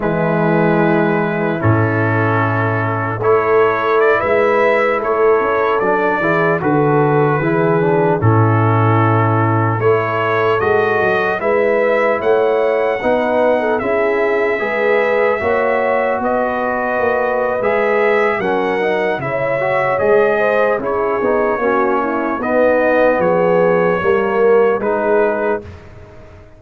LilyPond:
<<
  \new Staff \with { instrumentName = "trumpet" } { \time 4/4 \tempo 4 = 75 b'2 a'2 | cis''4 d''16 e''4 cis''4 d''8.~ | d''16 b'2 a'4.~ a'16~ | a'16 cis''4 dis''4 e''4 fis''8.~ |
fis''4~ fis''16 e''2~ e''8.~ | e''16 dis''4.~ dis''16 e''4 fis''4 | e''4 dis''4 cis''2 | dis''4 cis''2 b'4 | }
  \new Staff \with { instrumentName = "horn" } { \time 4/4 e'1 | a'4~ a'16 b'4 a'4. gis'16~ | gis'16 a'4 gis'4 e'4.~ e'16~ | e'16 a'2 b'4 cis''8.~ |
cis''16 b'8. a'16 gis'4 b'4 cis''8.~ | cis''16 b'2~ b'8. ais'4 | cis''4. c''8 gis'4 fis'8 e'8 | dis'4 gis'4 ais'4 gis'4 | }
  \new Staff \with { instrumentName = "trombone" } { \time 4/4 gis2 cis'2 | e'2.~ e'16 d'8 e'16~ | e'16 fis'4 e'8 d'8 cis'4.~ cis'16~ | cis'16 e'4 fis'4 e'4.~ e'16~ |
e'16 dis'4 e'4 gis'4 fis'8.~ | fis'2 gis'4 cis'8 dis'8 | e'8 fis'8 gis'4 e'8 dis'8 cis'4 | b2 ais4 dis'4 | }
  \new Staff \with { instrumentName = "tuba" } { \time 4/4 e2 a,2 | a4~ a16 gis4 a8 cis'8 fis8 e16~ | e16 d4 e4 a,4.~ a,16~ | a,16 a4 gis8 fis8 gis4 a8.~ |
a16 b4 cis'4 gis4 ais8.~ | ais16 b4 ais8. gis4 fis4 | cis4 gis4 cis'8 b8 ais4 | b4 f4 g4 gis4 | }
>>